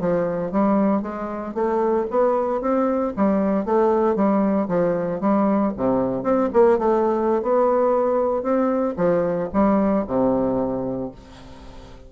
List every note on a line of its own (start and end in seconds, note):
0.00 0.52 F3
0.52 1.02 G3
1.02 1.55 G#3
1.55 2.07 A3
2.11 2.61 B3
2.61 3.14 C4
3.17 3.66 G3
3.66 4.16 A3
4.16 4.68 G3
4.68 5.21 F3
5.21 5.73 G3
5.77 6.23 C3
6.23 6.49 C4
6.53 6.78 A#3
6.78 7.43 A3
7.43 8.43 B3
8.43 8.95 C4
8.97 9.49 F3
9.53 10.06 G3
10.07 11.12 C3